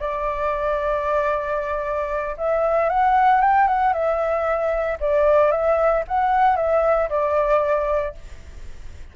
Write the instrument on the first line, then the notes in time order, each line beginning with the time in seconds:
flute
0.00 D5
2.38 E5
2.90 F#5
3.42 G5
3.68 F#5
3.93 E5
5.00 D5
5.52 E5
6.08 F#5
6.57 E5
7.10 D5